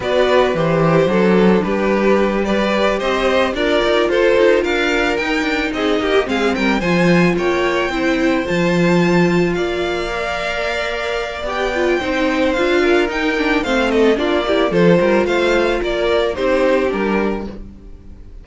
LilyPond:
<<
  \new Staff \with { instrumentName = "violin" } { \time 4/4 \tempo 4 = 110 d''4 c''2 b'4~ | b'8 d''4 dis''4 d''4 c''8~ | c''8 f''4 g''4 dis''4 f''8 | g''8 gis''4 g''2 a''8~ |
a''4. f''2~ f''8~ | f''4 g''2 f''4 | g''4 f''8 dis''8 d''4 c''4 | f''4 d''4 c''4 ais'4 | }
  \new Staff \with { instrumentName = "violin" } { \time 4/4 b'4. g'8 a'4 g'4~ | g'8 b'4 c''4 ais'4 a'8~ | a'8 ais'2 gis'8 g'8 gis'8 | ais'8 c''4 cis''4 c''4.~ |
c''4. d''2~ d''8~ | d''2 c''4. ais'8~ | ais'4 c''8 a'8 f'8 g'8 a'8 ais'8 | c''4 ais'4 g'2 | }
  \new Staff \with { instrumentName = "viola" } { \time 4/4 fis'4 g'4 d'2~ | d'8 g'2 f'4.~ | f'4. dis'4.~ dis'16 g'16 c'8~ | c'8 f'2 e'4 f'8~ |
f'2~ f'8 ais'4.~ | ais'4 g'8 f'8 dis'4 f'4 | dis'8 d'8 c'4 d'8 e'8 f'4~ | f'2 dis'4 d'4 | }
  \new Staff \with { instrumentName = "cello" } { \time 4/4 b4 e4 fis4 g4~ | g4. c'4 d'8 dis'8 f'8 | dis'8 d'4 dis'8 d'8 c'8 ais8 gis8 | g8 f4 ais4 c'4 f8~ |
f4. ais2~ ais8~ | ais4 b4 c'4 d'4 | dis'4 a4 ais4 f8 g8 | a4 ais4 c'4 g4 | }
>>